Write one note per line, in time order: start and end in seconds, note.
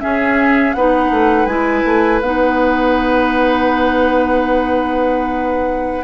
0.00 0.74 C#4
0.00 0.76 G#4
0.00 0.73 E5
0.73 1.11 B3
0.73 1.48 D#4
0.73 6.04 B4
0.73 1.46 F#5
1.11 1.46 A3
1.46 1.82 G#3
1.46 2.21 E4
1.46 2.19 G#5
1.84 2.21 A3
2.21 6.04 B3
2.21 6.04 D#4
2.21 6.04 F#5